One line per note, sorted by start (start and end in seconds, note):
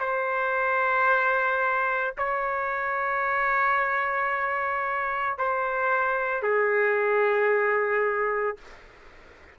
0.00 2.14 C5
2.18 5.38 C#5
5.38 6.43 C5
6.43 8.57 G#4